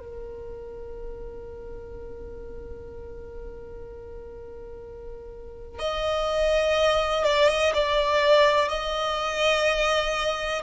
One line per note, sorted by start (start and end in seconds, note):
0.00 5.79 A#4
5.79 7.24 D#5
7.24 7.49 D5
7.49 7.73 D#5
7.74 8.69 D5
8.69 10.62 D#5